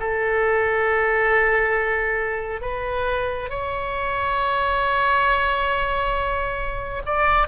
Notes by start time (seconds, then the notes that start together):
0.00 A4
2.62 B4
3.50 C#5
7.06 D5